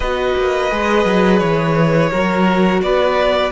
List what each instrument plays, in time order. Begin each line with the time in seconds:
0.00 cello B3, viola F#4, violin B4 D#5
0.35 cello A#3
0.70 cello G#3, viola G#4
1.05 cello F#3
1.38 cello E3, violin C#5
2.10 cello F#3, viola F#4, violin A#4
2.81 cello B3, violin B4 D5